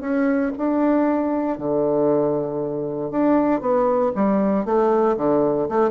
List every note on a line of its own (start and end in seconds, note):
0.00 0.51 C#4
0.57 1.57 D4
1.57 3.10 D3
3.10 3.60 D4
3.60 4.12 B3
4.15 4.65 G3
4.65 5.16 A3
5.16 5.68 D3
5.68 5.90 A3